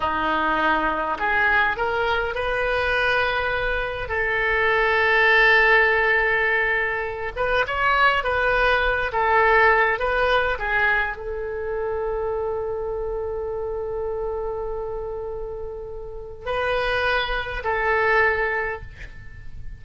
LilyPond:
\new Staff \with { instrumentName = "oboe" } { \time 4/4 \tempo 4 = 102 dis'2 gis'4 ais'4 | b'2. a'4~ | a'1~ | a'8 b'8 cis''4 b'4. a'8~ |
a'4 b'4 gis'4 a'4~ | a'1~ | a'1 | b'2 a'2 | }